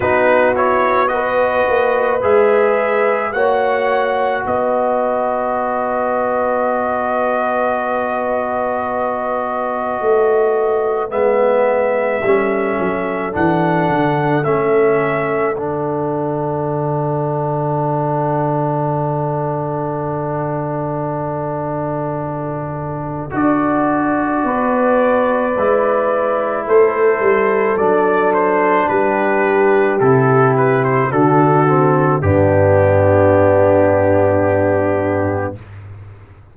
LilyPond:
<<
  \new Staff \with { instrumentName = "trumpet" } { \time 4/4 \tempo 4 = 54 b'8 cis''8 dis''4 e''4 fis''4 | dis''1~ | dis''2 e''2 | fis''4 e''4 fis''2~ |
fis''1~ | fis''4 d''2. | c''4 d''8 c''8 b'4 a'8 b'16 c''16 | a'4 g'2. | }
  \new Staff \with { instrumentName = "horn" } { \time 4/4 fis'4 b'2 cis''4 | b'1~ | b'2. a'4~ | a'1~ |
a'1~ | a'2 b'2 | a'2 g'2 | fis'4 d'2. | }
  \new Staff \with { instrumentName = "trombone" } { \time 4/4 dis'8 e'8 fis'4 gis'4 fis'4~ | fis'1~ | fis'2 b4 cis'4 | d'4 cis'4 d'2~ |
d'1~ | d'4 fis'2 e'4~ | e'4 d'2 e'4 | d'8 c'8 b2. | }
  \new Staff \with { instrumentName = "tuba" } { \time 4/4 b4. ais8 gis4 ais4 | b1~ | b4 a4 gis4 g8 fis8 | e8 d8 a4 d2~ |
d1~ | d4 d'4 b4 gis4 | a8 g8 fis4 g4 c4 | d4 g,2. | }
>>